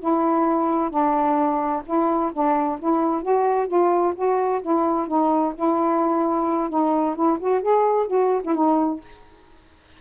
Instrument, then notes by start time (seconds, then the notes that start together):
saxophone
0.00 E4
0.90 D4
1.86 E4
2.33 D4
2.79 E4
3.22 F#4
3.68 F4
4.15 F#4
4.62 E4
5.08 D#4
5.56 E4
6.70 D#4
7.16 E4
7.40 F#4
7.62 G#4
8.07 F#4
8.44 E4
8.55 D#4